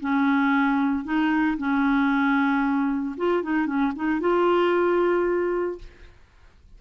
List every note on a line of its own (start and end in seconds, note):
0.00 1.04 C#4
1.04 1.57 D#4
1.57 3.15 C#4
3.17 3.43 F4
3.43 3.66 D#4
3.66 3.92 C#4
3.95 4.20 D#4
4.20 5.78 F4